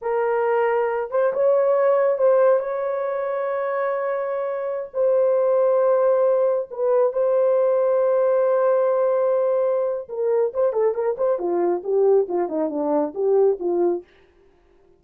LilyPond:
\new Staff \with { instrumentName = "horn" } { \time 4/4 \tempo 4 = 137 ais'2~ ais'8 c''8 cis''4~ | cis''4 c''4 cis''2~ | cis''2.~ cis''16 c''8.~ | c''2.~ c''16 b'8.~ |
b'16 c''2.~ c''8.~ | c''2. ais'4 | c''8 a'8 ais'8 c''8 f'4 g'4 | f'8 dis'8 d'4 g'4 f'4 | }